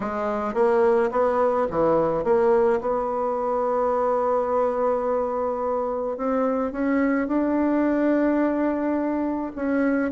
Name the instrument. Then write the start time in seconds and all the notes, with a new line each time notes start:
bassoon
0.00 G#3
0.54 A#3
1.11 B3
1.70 E3
2.24 A#3
2.80 B3
6.17 C4
6.72 C#4
7.27 D4
9.55 C#4